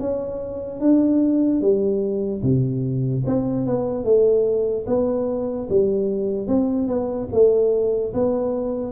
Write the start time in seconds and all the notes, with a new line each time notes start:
0.00 C#4
0.80 D4
1.61 G3
2.43 C3
3.26 C4
3.66 B3
4.04 A3
4.87 B3
5.70 G3
6.48 C4
6.88 B3
7.32 A3
8.14 B3